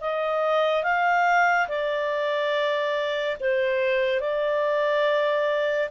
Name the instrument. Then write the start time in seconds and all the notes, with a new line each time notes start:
clarinet
0.00 D#5
0.83 F5
1.68 D5
3.40 C5
4.20 D5